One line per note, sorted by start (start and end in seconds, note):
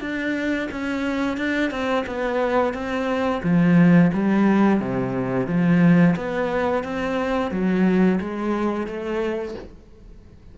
0.00 0.68 D4
0.71 1.37 C#4
1.37 1.70 D4
1.70 2.05 C4
2.06 2.73 B3
2.73 3.41 C4
3.42 4.11 F3
4.12 4.79 G3
4.79 5.47 C3
5.47 6.15 F3
6.15 6.83 B3
6.83 7.51 C4
7.51 8.19 F#3
8.20 8.86 G#3
8.86 9.55 A3